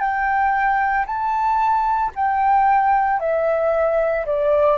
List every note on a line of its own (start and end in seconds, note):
0.00 1.05 G5
1.06 2.11 A5
2.15 3.20 G5
3.20 4.25 E5
4.26 4.78 D5